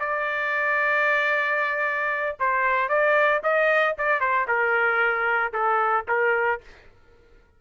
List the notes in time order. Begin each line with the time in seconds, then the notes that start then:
0.00 D5
2.40 C5
2.89 D5
3.43 D#5
3.98 D5
4.21 C5
4.48 A#4
5.53 A4
6.08 A#4